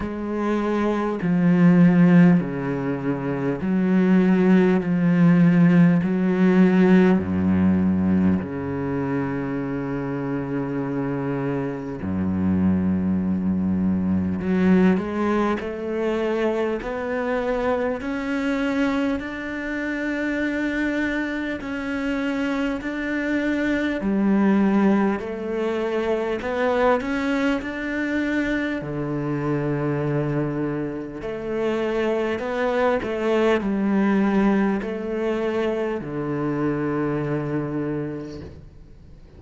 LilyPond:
\new Staff \with { instrumentName = "cello" } { \time 4/4 \tempo 4 = 50 gis4 f4 cis4 fis4 | f4 fis4 fis,4 cis4~ | cis2 fis,2 | fis8 gis8 a4 b4 cis'4 |
d'2 cis'4 d'4 | g4 a4 b8 cis'8 d'4 | d2 a4 b8 a8 | g4 a4 d2 | }